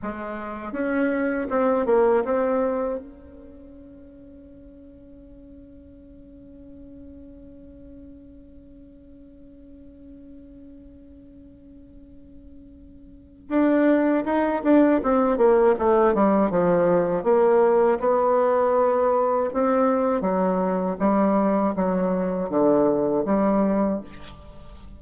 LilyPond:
\new Staff \with { instrumentName = "bassoon" } { \time 4/4 \tempo 4 = 80 gis4 cis'4 c'8 ais8 c'4 | cis'1~ | cis'1~ | cis'1~ |
cis'2 d'4 dis'8 d'8 | c'8 ais8 a8 g8 f4 ais4 | b2 c'4 fis4 | g4 fis4 d4 g4 | }